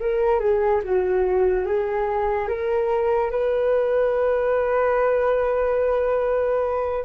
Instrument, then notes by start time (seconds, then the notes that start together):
flute
0.00 A#4
0.39 G#4
0.84 F#4
1.66 G#4
2.48 A#4
3.31 B4